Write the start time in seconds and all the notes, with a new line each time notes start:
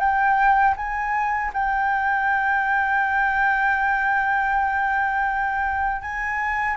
0.00 G5
0.77 G#5
1.54 G5
6.02 G#5